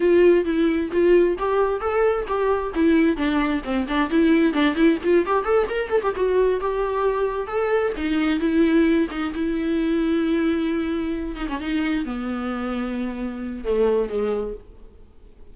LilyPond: \new Staff \with { instrumentName = "viola" } { \time 4/4 \tempo 4 = 132 f'4 e'4 f'4 g'4 | a'4 g'4 e'4 d'4 | c'8 d'8 e'4 d'8 e'8 f'8 g'8 | a'8 ais'8 a'16 g'16 fis'4 g'4.~ |
g'8 a'4 dis'4 e'4. | dis'8 e'2.~ e'8~ | e'4 dis'16 cis'16 dis'4 b4.~ | b2 a4 gis4 | }